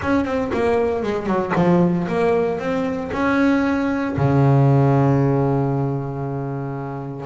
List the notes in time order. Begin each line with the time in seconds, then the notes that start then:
0.01 C#4
0.24 C4
0.53 A#3
1.03 G#3
1.26 F#3
1.55 F3
2.08 A#3
2.59 C4
3.12 C#4
4.16 C#3